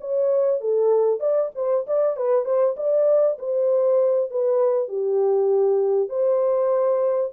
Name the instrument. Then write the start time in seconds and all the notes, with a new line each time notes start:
horn
0.00 C#5
0.60 A4
1.20 D5
1.55 C5
1.87 D5
2.16 B4
2.45 C5
2.76 D5
3.38 C5
4.30 B4
4.88 G4
6.09 C5